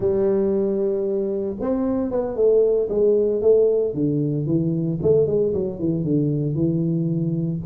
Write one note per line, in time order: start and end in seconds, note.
0.00 1.56 G3
1.60 2.11 C4
2.11 2.35 B3
2.35 2.88 A3
2.89 3.41 G#3
3.41 3.94 A3
3.94 4.46 D3
4.46 4.99 E3
5.02 5.27 A3
5.27 5.53 G#3
5.53 5.79 F#3
5.79 6.04 E3
6.04 6.55 D3
6.55 7.60 E3